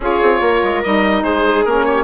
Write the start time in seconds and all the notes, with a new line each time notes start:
0.00 C#4 F4 G#4 C#5
0.22 C4
0.40 A#3 A#4
0.63 G#3
0.82 G3 D#4 D#5
1.23 G#3 G#4 C5
1.65 A#3 C#4 A#4
1.85 G4 C#5